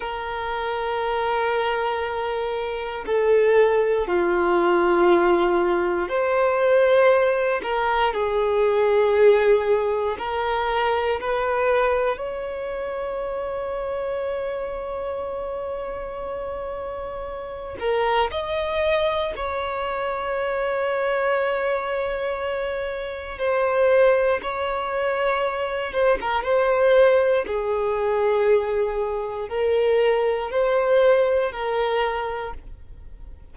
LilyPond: \new Staff \with { instrumentName = "violin" } { \time 4/4 \tempo 4 = 59 ais'2. a'4 | f'2 c''4. ais'8 | gis'2 ais'4 b'4 | cis''1~ |
cis''4. ais'8 dis''4 cis''4~ | cis''2. c''4 | cis''4. c''16 ais'16 c''4 gis'4~ | gis'4 ais'4 c''4 ais'4 | }